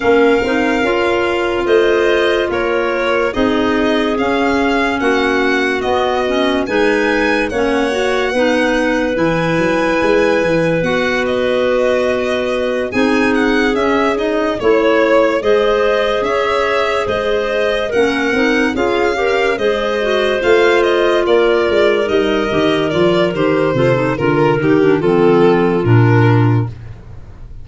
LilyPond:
<<
  \new Staff \with { instrumentName = "violin" } { \time 4/4 \tempo 4 = 72 f''2 dis''4 cis''4 | dis''4 f''4 fis''4 dis''4 | gis''4 fis''2 gis''4~ | gis''4 fis''8 dis''2 gis''8 |
fis''8 e''8 dis''8 cis''4 dis''4 e''8~ | e''8 dis''4 fis''4 f''4 dis''8~ | dis''8 f''8 dis''8 d''4 dis''4 d''8 | c''4 ais'8 g'8 a'4 ais'4 | }
  \new Staff \with { instrumentName = "clarinet" } { \time 4/4 ais'2 c''4 ais'4 | gis'2 fis'2 | b'4 cis''4 b'2~ | b'2.~ b'8 gis'8~ |
gis'4. cis''4 c''4 cis''8~ | cis''8 c''4 ais'4 gis'8 ais'8 c''8~ | c''4. ais'2~ ais'8~ | ais'8 a'8 ais'4 f'2 | }
  \new Staff \with { instrumentName = "clarinet" } { \time 4/4 cis'8 dis'8 f'2. | dis'4 cis'2 b8 cis'8 | dis'4 cis'8 fis'8 dis'4 e'4~ | e'4 fis'2~ fis'8 dis'8~ |
dis'8 cis'8 dis'8 e'4 gis'4.~ | gis'4. cis'8 dis'8 f'8 g'8 gis'8 | fis'8 f'2 dis'8 g'8 f'8 | g'8 f'16 dis'16 f'8 dis'16 d'16 c'4 d'4 | }
  \new Staff \with { instrumentName = "tuba" } { \time 4/4 ais8 c'8 cis'4 a4 ais4 | c'4 cis'4 ais4 b4 | gis4 ais4 b4 e8 fis8 | gis8 e8 b2~ b8 c'8~ |
c'8 cis'4 a4 gis4 cis'8~ | cis'8 gis4 ais8 c'8 cis'4 gis8~ | gis8 a4 ais8 gis8 g8 dis8 f8 | dis8 c8 d8 dis8 f4 ais,4 | }
>>